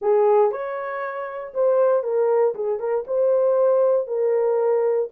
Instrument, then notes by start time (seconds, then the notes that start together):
horn
0.01 G#4
0.51 C#5
1.54 C5
2.03 A#4
2.54 G#4
2.79 A#4
3.07 C5
4.07 A#4